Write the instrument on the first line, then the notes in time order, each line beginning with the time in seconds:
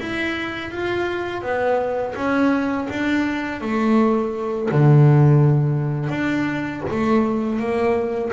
double bass
0.00 E4
0.71 F4
1.42 B3
2.16 C#4
2.90 D4
3.61 A3
4.72 D3
6.10 D4
6.90 A3
7.59 A#3